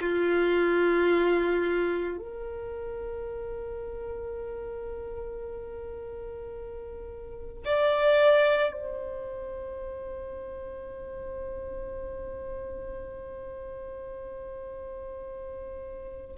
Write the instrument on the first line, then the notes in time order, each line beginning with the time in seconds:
violin
0.00 F4
2.18 A#4
7.65 D5
8.72 C5